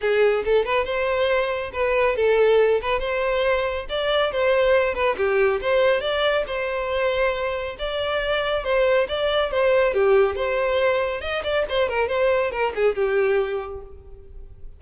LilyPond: \new Staff \with { instrumentName = "violin" } { \time 4/4 \tempo 4 = 139 gis'4 a'8 b'8 c''2 | b'4 a'4. b'8 c''4~ | c''4 d''4 c''4. b'8 | g'4 c''4 d''4 c''4~ |
c''2 d''2 | c''4 d''4 c''4 g'4 | c''2 dis''8 d''8 c''8 ais'8 | c''4 ais'8 gis'8 g'2 | }